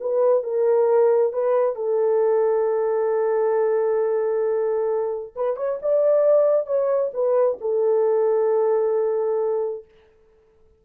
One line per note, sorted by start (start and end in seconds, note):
0.00 0.43 B4
0.43 1.32 A#4
1.32 1.75 B4
1.75 5.33 A4
5.35 5.56 B4
5.56 5.78 C#5
5.82 6.66 D5
6.66 7.11 C#5
7.13 7.58 B4
7.60 9.84 A4